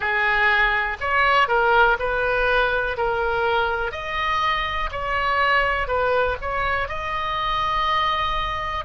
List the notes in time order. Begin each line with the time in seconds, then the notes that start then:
0.00 G#4
1.00 C#5
1.48 A#4
1.99 B4
2.97 A#4
3.91 D#5
4.91 C#5
5.87 B4
6.41 C#5
6.88 D#5